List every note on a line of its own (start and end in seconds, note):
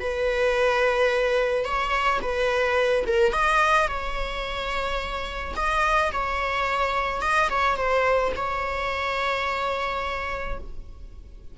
0.00 1.64 B4
1.64 2.20 C#5
2.21 3.05 B4
3.07 3.33 A#4
3.33 3.88 D#5
3.88 5.54 C#5
5.56 6.12 D#5
6.12 7.21 C#5
7.21 7.49 D#5
7.49 7.77 C#5
7.77 8.32 C5
8.36 10.58 C#5